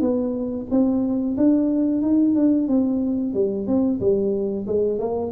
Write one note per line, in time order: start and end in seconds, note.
0.00 0.66 B3
0.70 1.36 C4
1.36 2.02 D4
2.02 2.34 D#4
2.34 2.67 D4
2.67 3.33 C4
3.34 3.67 G3
3.67 4.00 C4
4.00 4.66 G3
4.67 4.99 G#3
4.99 5.31 A#3